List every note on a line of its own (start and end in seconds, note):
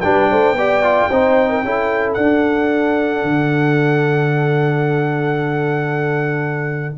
0.00 0.31 G3
0.00 0.56 D4
0.00 0.30 B4
0.00 2.13 G5
0.30 0.52 A3
0.30 0.57 C5
0.52 1.05 B3
0.58 0.83 G4
0.58 1.10 D5
0.83 1.09 F4
1.10 1.63 C4
1.10 1.64 D#4
1.10 1.49 C5
1.49 1.63 A#4
1.63 2.16 C#4
1.63 2.17 E4
1.63 6.98 A4
2.13 3.23 D4
2.13 6.98 D4
2.13 6.95 F#5
3.23 6.98 D3